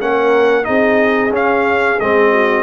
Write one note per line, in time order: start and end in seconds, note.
0.00 0.67 A#3
0.00 0.63 C#4
0.00 0.66 A#4
0.00 0.64 F#5
0.63 1.30 C4
0.63 1.30 D#4
0.63 2.32 G#4
0.63 1.31 D#5
1.30 1.97 C#4
1.30 1.99 C#4
1.30 1.99 F5
1.99 2.63 G#3
1.99 2.63 C4
1.99 2.63 D#5
2.32 2.63 F#4